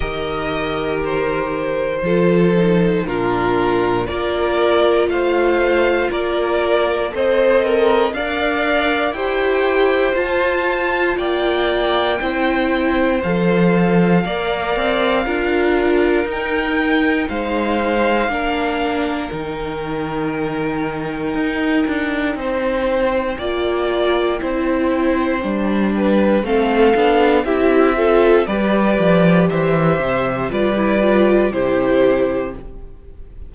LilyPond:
<<
  \new Staff \with { instrumentName = "violin" } { \time 4/4 \tempo 4 = 59 dis''4 c''2 ais'4 | d''4 f''4 d''4 c''8 ais'8 | f''4 g''4 a''4 g''4~ | g''4 f''2. |
g''4 f''2 g''4~ | g''1~ | g''2 f''4 e''4 | d''4 e''4 d''4 c''4 | }
  \new Staff \with { instrumentName = "violin" } { \time 4/4 ais'2 a'4 f'4 | ais'4 c''4 ais'4 dis''4 | d''4 c''2 d''4 | c''2 d''4 ais'4~ |
ais'4 c''4 ais'2~ | ais'2 c''4 d''4 | c''4. b'8 a'4 g'8 a'8 | b'4 c''4 b'4 g'4 | }
  \new Staff \with { instrumentName = "viola" } { \time 4/4 g'2 f'8 dis'8 d'4 | f'2. a'4 | ais'4 g'4 f'2 | e'4 a'4 ais'4 f'4 |
dis'2 d'4 dis'4~ | dis'2. f'4 | e'4 d'4 c'8 d'8 e'8 f'8 | g'2 f'16 e'16 f'8 e'4 | }
  \new Staff \with { instrumentName = "cello" } { \time 4/4 dis2 f4 ais,4 | ais4 a4 ais4 c'4 | d'4 e'4 f'4 ais4 | c'4 f4 ais8 c'8 d'4 |
dis'4 gis4 ais4 dis4~ | dis4 dis'8 d'8 c'4 ais4 | c'4 g4 a8 b8 c'4 | g8 f8 e8 c8 g4 c4 | }
>>